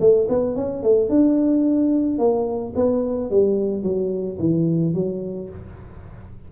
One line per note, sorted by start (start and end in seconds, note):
0.00 0.28 A3
0.29 0.56 B3
0.56 0.83 C#4
0.83 1.10 A3
1.10 2.18 D4
2.18 2.73 A#3
2.76 3.31 B3
3.31 3.83 G3
3.83 4.38 F#3
4.39 4.94 E3
4.94 5.49 F#3